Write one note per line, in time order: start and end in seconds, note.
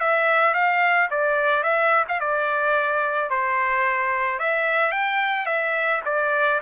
0.00 0.54 E5
0.54 1.09 F5
1.11 1.63 D5
1.63 2.05 E5
2.09 2.20 F5
2.20 3.30 D5
3.30 4.39 C5
4.39 4.92 E5
4.92 5.46 G5
5.46 6.01 E5
6.06 6.61 D5